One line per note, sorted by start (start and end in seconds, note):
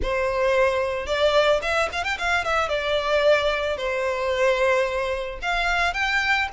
0.02 1.06 C5
1.06 1.60 D5
1.62 1.89 E5
1.92 2.04 F5
2.04 2.17 G5
2.18 2.44 F5
2.44 2.69 E5
2.69 3.77 D5
3.77 5.39 C5
5.42 5.93 F5
5.93 6.47 G5